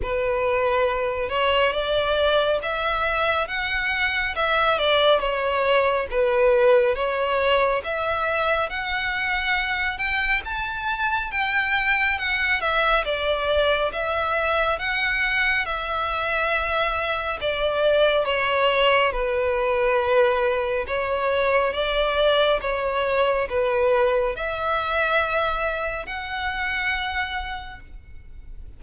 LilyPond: \new Staff \with { instrumentName = "violin" } { \time 4/4 \tempo 4 = 69 b'4. cis''8 d''4 e''4 | fis''4 e''8 d''8 cis''4 b'4 | cis''4 e''4 fis''4. g''8 | a''4 g''4 fis''8 e''8 d''4 |
e''4 fis''4 e''2 | d''4 cis''4 b'2 | cis''4 d''4 cis''4 b'4 | e''2 fis''2 | }